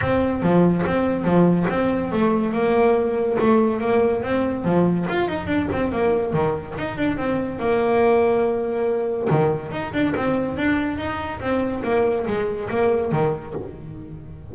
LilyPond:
\new Staff \with { instrumentName = "double bass" } { \time 4/4 \tempo 4 = 142 c'4 f4 c'4 f4 | c'4 a4 ais2 | a4 ais4 c'4 f4 | f'8 dis'8 d'8 c'8 ais4 dis4 |
dis'8 d'8 c'4 ais2~ | ais2 dis4 dis'8 d'8 | c'4 d'4 dis'4 c'4 | ais4 gis4 ais4 dis4 | }